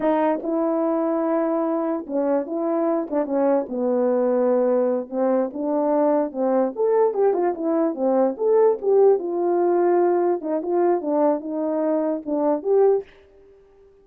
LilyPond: \new Staff \with { instrumentName = "horn" } { \time 4/4 \tempo 4 = 147 dis'4 e'2.~ | e'4 cis'4 e'4. d'8 | cis'4 b2.~ | b8 c'4 d'2 c'8~ |
c'8 a'4 g'8 f'8 e'4 c'8~ | c'8 a'4 g'4 f'4.~ | f'4. dis'8 f'4 d'4 | dis'2 d'4 g'4 | }